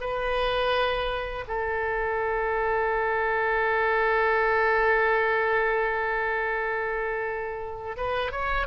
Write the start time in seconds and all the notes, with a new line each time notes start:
0.00 B4
1.47 A4
7.96 B4
8.31 C#5